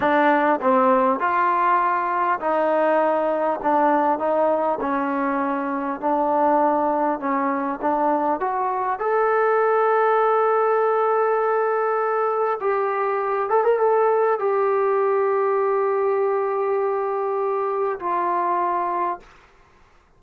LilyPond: \new Staff \with { instrumentName = "trombone" } { \time 4/4 \tempo 4 = 100 d'4 c'4 f'2 | dis'2 d'4 dis'4 | cis'2 d'2 | cis'4 d'4 fis'4 a'4~ |
a'1~ | a'4 g'4. a'16 ais'16 a'4 | g'1~ | g'2 f'2 | }